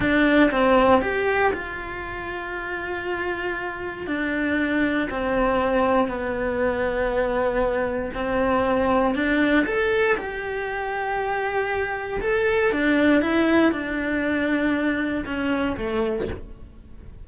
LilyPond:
\new Staff \with { instrumentName = "cello" } { \time 4/4 \tempo 4 = 118 d'4 c'4 g'4 f'4~ | f'1 | d'2 c'2 | b1 |
c'2 d'4 a'4 | g'1 | a'4 d'4 e'4 d'4~ | d'2 cis'4 a4 | }